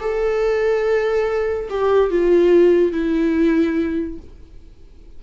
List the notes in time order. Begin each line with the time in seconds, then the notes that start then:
0.00 A4
1.69 G4
2.10 F4
2.92 E4